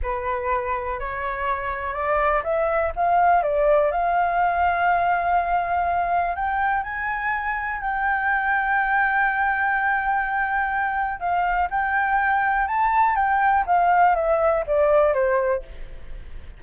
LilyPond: \new Staff \with { instrumentName = "flute" } { \time 4/4 \tempo 4 = 123 b'2 cis''2 | d''4 e''4 f''4 d''4 | f''1~ | f''4 g''4 gis''2 |
g''1~ | g''2. f''4 | g''2 a''4 g''4 | f''4 e''4 d''4 c''4 | }